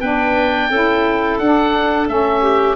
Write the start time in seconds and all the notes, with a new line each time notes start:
0.00 B3 D4 B4 G5
0.70 C#4 E4 A4
1.39 D4 F#5
2.07 A3 C#4 E5
2.42 G4